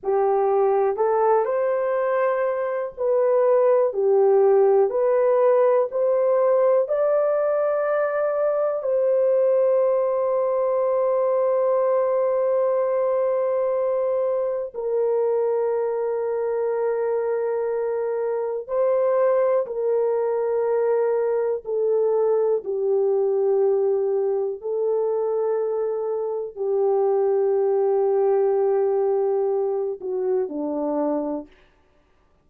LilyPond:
\new Staff \with { instrumentName = "horn" } { \time 4/4 \tempo 4 = 61 g'4 a'8 c''4. b'4 | g'4 b'4 c''4 d''4~ | d''4 c''2.~ | c''2. ais'4~ |
ais'2. c''4 | ais'2 a'4 g'4~ | g'4 a'2 g'4~ | g'2~ g'8 fis'8 d'4 | }